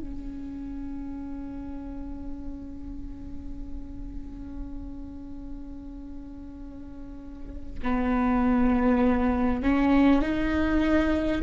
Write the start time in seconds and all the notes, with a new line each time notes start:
0.00 C#4
7.83 B3
9.63 C#4
10.22 D#4